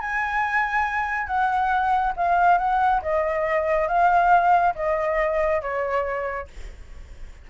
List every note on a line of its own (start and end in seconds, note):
0.00 1.27 G#5
1.27 2.13 F#5
2.16 2.58 F5
2.58 3.01 F#5
3.02 3.88 D#5
3.88 4.74 F5
4.75 5.61 D#5
5.61 6.47 C#5